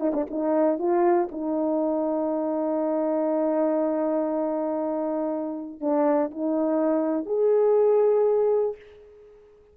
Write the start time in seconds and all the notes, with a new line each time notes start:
0.00 D#4
0.14 D4
0.30 D#4
0.79 F4
1.31 D#4
5.80 D4
6.31 D#4
7.26 G#4